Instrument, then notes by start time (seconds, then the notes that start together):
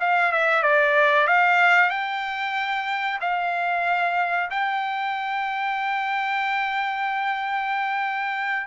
trumpet
0.00 F5
0.32 E5
0.63 D5
1.27 F5
1.90 G5
3.21 F5
4.51 G5